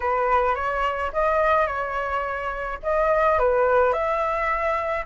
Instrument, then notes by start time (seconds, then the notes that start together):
flute
0.00 B4
0.55 C#5
1.12 D#5
1.66 C#5
2.82 D#5
3.38 B4
3.93 E5